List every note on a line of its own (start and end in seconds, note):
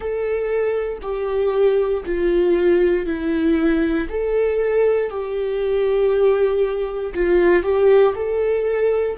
0.00 0.98 A4
1.02 2.03 G4
2.05 3.06 F4
3.06 4.07 E4
4.09 5.10 A4
5.10 7.13 G4
7.14 7.62 F4
7.62 8.13 G4
8.14 9.16 A4